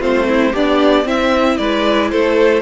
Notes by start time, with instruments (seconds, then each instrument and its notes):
0.00 cello A3, viola C4, violin F4 C5
0.28 violin E4
0.52 cello B3, violin D4 D5, viola G4
1.05 cello C4, violin C4 E5, viola E4
1.57 cello G#3, violin B4 D5
2.10 cello A3, violin A4 C5